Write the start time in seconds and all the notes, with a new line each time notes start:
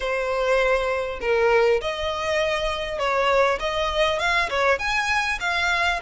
0.00 C5
1.21 A#4
1.81 D#5
2.98 C#5
3.59 D#5
4.19 F5
4.49 C#5
4.78 G#5
5.40 F5